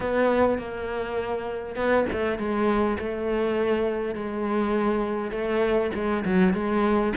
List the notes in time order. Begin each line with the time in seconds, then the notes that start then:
0.00 B3
0.58 A#3
1.75 B3
2.12 A3
2.38 G#3
2.99 A3
4.14 G#3
5.31 A3
5.94 G#3
6.24 F#3
6.53 G#3